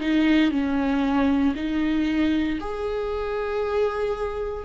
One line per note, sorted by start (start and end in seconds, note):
0.00 0.51 D#4
0.51 1.54 C#4
1.55 2.59 D#4
2.60 4.65 G#4